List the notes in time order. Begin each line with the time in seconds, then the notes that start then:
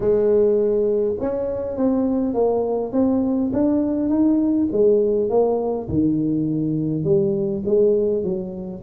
0.00 G#3
1.20 C#4
1.76 C4
2.34 A#3
2.92 C4
3.52 D4
4.09 D#4
4.71 G#3
5.29 A#3
5.88 D#3
7.03 G3
7.65 G#3
8.23 F#3